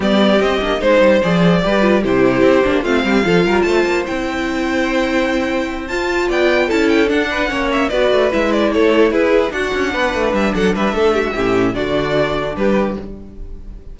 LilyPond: <<
  \new Staff \with { instrumentName = "violin" } { \time 4/4 \tempo 4 = 148 d''4 dis''4 c''4 d''4~ | d''4 c''2 f''4~ | f''4 a''4 g''2~ | g''2~ g''8 a''4 g''8~ |
g''8 a''8 g''8 fis''4. e''8 d''8~ | d''8 e''8 d''8 cis''4 b'4 fis''8~ | fis''4. e''8 fis''8 e''4.~ | e''4 d''2 b'4 | }
  \new Staff \with { instrumentName = "violin" } { \time 4/4 g'2 c''2 | b'4 g'2 f'8 g'8 | a'8 ais'8 c''2.~ | c''2.~ c''8 d''8~ |
d''8 a'4. b'8 cis''4 b'8~ | b'4. a'4 gis'4 fis'8~ | fis'8 b'4. a'8 b'8 a'8 g'16 fis'16 | g'4 fis'2 g'4 | }
  \new Staff \with { instrumentName = "viola" } { \time 4/4 b4 c'8 d'8 dis'4 gis'4 | g'8 f'8 e'4. d'8 c'4 | f'2 e'2~ | e'2~ e'8 f'4.~ |
f'8 e'4 d'4 cis'4 fis'8~ | fis'8 e'2. d'8~ | d'1 | cis'4 d'2. | }
  \new Staff \with { instrumentName = "cello" } { \time 4/4 g4 c'8 ais8 gis8 g8 f4 | g4 c4 c'8 ais8 a8 g8 | f8 g8 a8 ais8 c'2~ | c'2~ c'8 f'4 b8~ |
b8 cis'4 d'4 ais4 b8 | a8 gis4 a4 e'4 d'8 | cis'8 b8 a8 g8 fis8 g8 a4 | a,4 d2 g4 | }
>>